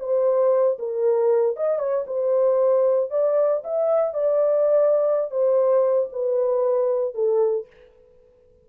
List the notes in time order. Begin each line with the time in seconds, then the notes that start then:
0.00 C5
0.79 A#4
1.57 D#5
1.79 C#5
2.07 C5
3.11 D5
3.65 E5
4.14 D5
5.31 C5
6.13 B4
7.15 A4